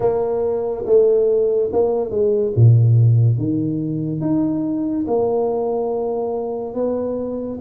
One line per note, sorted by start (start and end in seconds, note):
0.00 0.85 A#3
0.85 1.69 A3
1.72 2.10 A#3
2.10 2.52 G#3
2.55 3.38 A#2
3.38 4.21 D#3
4.21 5.05 D#4
5.07 6.74 A#3
6.74 7.58 B3